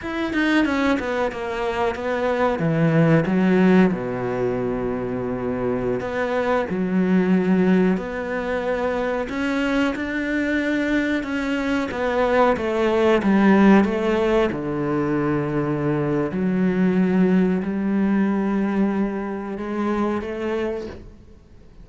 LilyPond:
\new Staff \with { instrumentName = "cello" } { \time 4/4 \tempo 4 = 92 e'8 dis'8 cis'8 b8 ais4 b4 | e4 fis4 b,2~ | b,4~ b,16 b4 fis4.~ fis16~ | fis16 b2 cis'4 d'8.~ |
d'4~ d'16 cis'4 b4 a8.~ | a16 g4 a4 d4.~ d16~ | d4 fis2 g4~ | g2 gis4 a4 | }